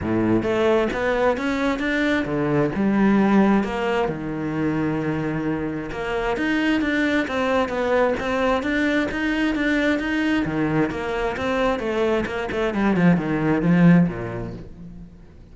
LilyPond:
\new Staff \with { instrumentName = "cello" } { \time 4/4 \tempo 4 = 132 a,4 a4 b4 cis'4 | d'4 d4 g2 | ais4 dis2.~ | dis4 ais4 dis'4 d'4 |
c'4 b4 c'4 d'4 | dis'4 d'4 dis'4 dis4 | ais4 c'4 a4 ais8 a8 | g8 f8 dis4 f4 ais,4 | }